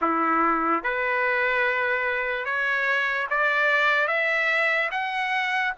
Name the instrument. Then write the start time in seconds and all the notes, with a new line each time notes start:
trumpet
0.01 E4
0.83 B4
2.45 C#5
3.30 D5
4.07 E5
4.91 F#5